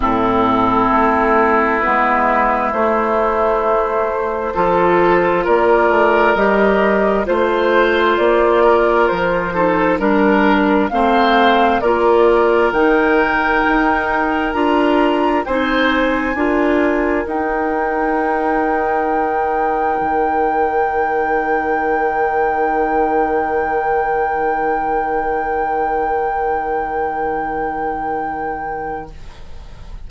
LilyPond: <<
  \new Staff \with { instrumentName = "flute" } { \time 4/4 \tempo 4 = 66 a'2 b'4 c''4~ | c''2 d''4 dis''4 | c''4 d''4 c''4 ais'4 | f''4 d''4 g''2 |
ais''4 gis''2 g''4~ | g''1~ | g''1~ | g''1 | }
  \new Staff \with { instrumentName = "oboe" } { \time 4/4 e'1~ | e'4 a'4 ais'2 | c''4. ais'4 a'8 ais'4 | c''4 ais'2.~ |
ais'4 c''4 ais'2~ | ais'1~ | ais'1~ | ais'1 | }
  \new Staff \with { instrumentName = "clarinet" } { \time 4/4 c'2 b4 a4~ | a4 f'2 g'4 | f'2~ f'8 dis'8 d'4 | c'4 f'4 dis'2 |
f'4 dis'4 f'4 dis'4~ | dis'1~ | dis'1~ | dis'1 | }
  \new Staff \with { instrumentName = "bassoon" } { \time 4/4 a,4 a4 gis4 a4~ | a4 f4 ais8 a8 g4 | a4 ais4 f4 g4 | a4 ais4 dis4 dis'4 |
d'4 c'4 d'4 dis'4~ | dis'2 dis2~ | dis1~ | dis1 | }
>>